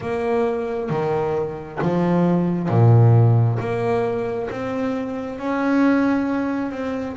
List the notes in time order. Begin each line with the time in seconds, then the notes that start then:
0.00 A#3
0.90 D#3
1.82 F3
2.68 A#2
3.59 A#3
4.50 C4
5.39 C#4
6.71 C4